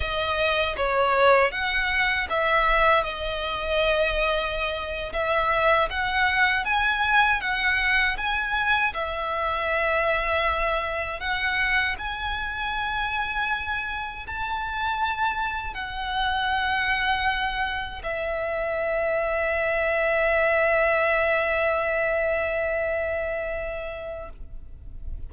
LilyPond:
\new Staff \with { instrumentName = "violin" } { \time 4/4 \tempo 4 = 79 dis''4 cis''4 fis''4 e''4 | dis''2~ dis''8. e''4 fis''16~ | fis''8. gis''4 fis''4 gis''4 e''16~ | e''2~ e''8. fis''4 gis''16~ |
gis''2~ gis''8. a''4~ a''16~ | a''8. fis''2. e''16~ | e''1~ | e''1 | }